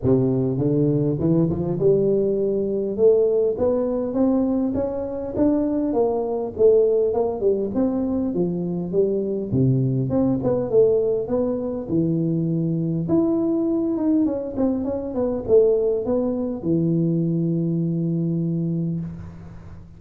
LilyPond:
\new Staff \with { instrumentName = "tuba" } { \time 4/4 \tempo 4 = 101 c4 d4 e8 f8 g4~ | g4 a4 b4 c'4 | cis'4 d'4 ais4 a4 | ais8 g8 c'4 f4 g4 |
c4 c'8 b8 a4 b4 | e2 e'4. dis'8 | cis'8 c'8 cis'8 b8 a4 b4 | e1 | }